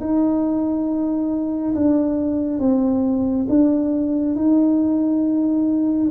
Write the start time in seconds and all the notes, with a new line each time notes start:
0.00 D#4
1.75 D4
2.60 C4
3.49 D4
4.35 D#4